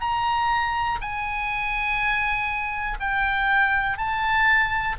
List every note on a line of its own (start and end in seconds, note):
0.00 0.98 A#5
1.01 2.98 G#5
3.00 3.97 G5
3.97 4.96 A5